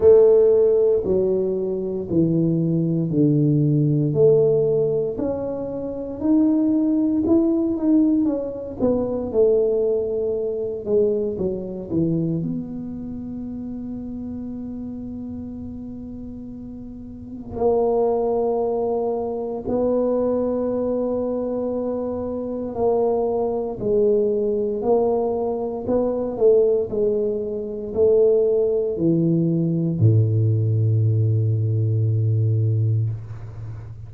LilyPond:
\new Staff \with { instrumentName = "tuba" } { \time 4/4 \tempo 4 = 58 a4 fis4 e4 d4 | a4 cis'4 dis'4 e'8 dis'8 | cis'8 b8 a4. gis8 fis8 e8 | b1~ |
b4 ais2 b4~ | b2 ais4 gis4 | ais4 b8 a8 gis4 a4 | e4 a,2. | }